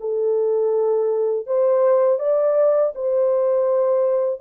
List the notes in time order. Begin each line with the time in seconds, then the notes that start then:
0.00 A4
1.46 C5
2.19 D5
2.95 C5